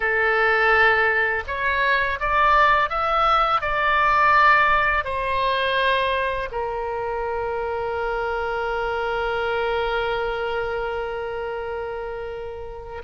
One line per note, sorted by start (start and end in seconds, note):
0.00 1.43 A4
1.47 2.19 C#5
2.19 2.89 D5
2.89 3.61 E5
3.61 5.04 D5
5.04 6.49 C5
6.51 13.02 A#4